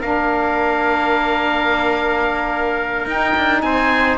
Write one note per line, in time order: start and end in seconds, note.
0.00 3.05 A#3
0.00 3.07 D4
0.00 3.61 A#4
0.00 3.07 F5
3.05 3.33 D#4
3.05 4.17 D#4
3.05 3.61 G5
3.36 3.62 D4
3.61 4.17 C4
3.61 4.17 C5
3.61 4.17 G#5